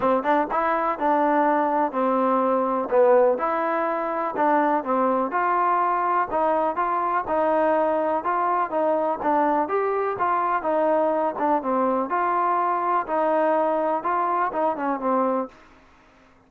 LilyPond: \new Staff \with { instrumentName = "trombone" } { \time 4/4 \tempo 4 = 124 c'8 d'8 e'4 d'2 | c'2 b4 e'4~ | e'4 d'4 c'4 f'4~ | f'4 dis'4 f'4 dis'4~ |
dis'4 f'4 dis'4 d'4 | g'4 f'4 dis'4. d'8 | c'4 f'2 dis'4~ | dis'4 f'4 dis'8 cis'8 c'4 | }